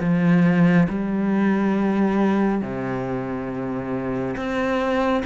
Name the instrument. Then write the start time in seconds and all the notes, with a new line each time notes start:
cello
0.00 F3
0.89 G3
2.62 C3
4.36 C4